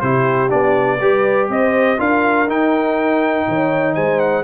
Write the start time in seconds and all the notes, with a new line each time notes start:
0.00 C3 E4 G4 C5
0.49 B3 D4 D5
1.00 G3 G4 B4
1.49 C4 C5 D#5
1.98 D4 F4 A#4 F5
2.47 D#4 G5
3.48 D#3 C#5
3.95 G#3 C5 G#5
4.19 F#5